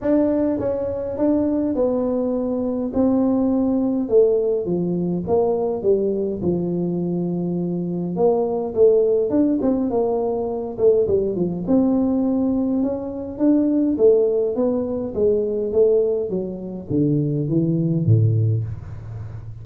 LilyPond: \new Staff \with { instrumentName = "tuba" } { \time 4/4 \tempo 4 = 103 d'4 cis'4 d'4 b4~ | b4 c'2 a4 | f4 ais4 g4 f4~ | f2 ais4 a4 |
d'8 c'8 ais4. a8 g8 f8 | c'2 cis'4 d'4 | a4 b4 gis4 a4 | fis4 d4 e4 a,4 | }